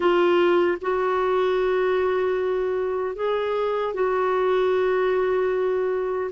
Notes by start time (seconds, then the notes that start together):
0.00 F4
0.81 F#4
3.15 G#4
3.94 F#4